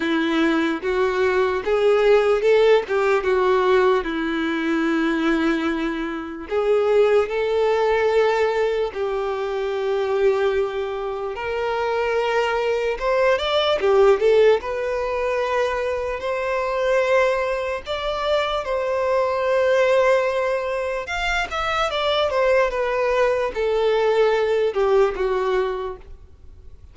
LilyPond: \new Staff \with { instrumentName = "violin" } { \time 4/4 \tempo 4 = 74 e'4 fis'4 gis'4 a'8 g'8 | fis'4 e'2. | gis'4 a'2 g'4~ | g'2 ais'2 |
c''8 d''8 g'8 a'8 b'2 | c''2 d''4 c''4~ | c''2 f''8 e''8 d''8 c''8 | b'4 a'4. g'8 fis'4 | }